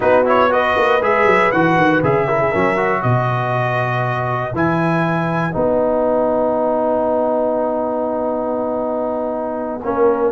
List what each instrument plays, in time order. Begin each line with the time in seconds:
0.00 tuba B3, trombone D#4, horn F#4, trumpet B4
0.25 trombone E4, trumpet C#5
0.50 trombone F#4, horn B4, trumpet D#5
0.77 tuba A#3
1.01 tuba G#3, trombone G#4, trumpet E5
1.26 tuba F#3
1.51 tuba E3, trombone F#4, trumpet F#5
1.77 tuba D#3
2.02 tuba C#3, trombone G#4, trumpet E5
2.27 trombone E4, horn A#4
2.40 horn G#4
2.51 tuba F#3, trombone C#4, horn A#4
2.76 trombone F#4
3.01 tuba B2, horn B4, trumpet D#5
4.53 tuba E3, trombone E4, trumpet G#5
5.52 tuba B3, trombone D#4, trumpet F#5
9.83 tuba A#3, trombone C#4, horn A#4